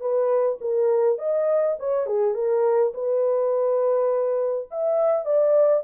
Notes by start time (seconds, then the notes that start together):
0.00 B4
0.61 A#4
1.18 D#5
1.79 C#5
2.06 G#4
2.34 A#4
2.94 B4
4.70 E5
5.25 D5